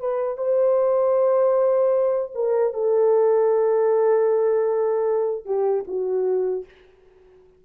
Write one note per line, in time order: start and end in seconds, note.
0.00 0.38 B4
0.38 2.32 C5
2.34 2.73 A#4
2.73 5.45 A4
5.45 5.84 G4
5.87 6.65 F#4